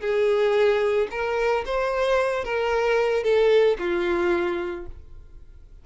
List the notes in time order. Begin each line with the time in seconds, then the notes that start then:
0.00 G#4
1.11 A#4
1.65 C5
2.44 A#4
3.23 A4
3.79 F4